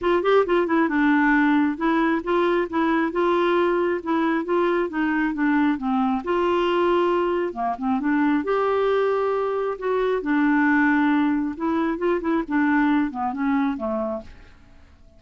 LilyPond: \new Staff \with { instrumentName = "clarinet" } { \time 4/4 \tempo 4 = 135 f'8 g'8 f'8 e'8 d'2 | e'4 f'4 e'4 f'4~ | f'4 e'4 f'4 dis'4 | d'4 c'4 f'2~ |
f'4 ais8 c'8 d'4 g'4~ | g'2 fis'4 d'4~ | d'2 e'4 f'8 e'8 | d'4. b8 cis'4 a4 | }